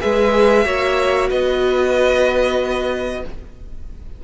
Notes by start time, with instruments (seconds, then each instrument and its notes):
0.00 cello G#3, viola G#4, violin B4 E5
0.64 cello A#3, viola F#4, violin C#5
1.29 cello B3, violin B4 D#5